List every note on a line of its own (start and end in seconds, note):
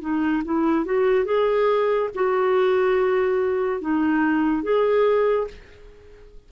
0.00 0.42 D#4
0.45 0.85 E4
0.85 1.24 F#4
1.24 2.09 G#4
2.14 3.81 F#4
3.81 4.62 D#4
4.62 5.47 G#4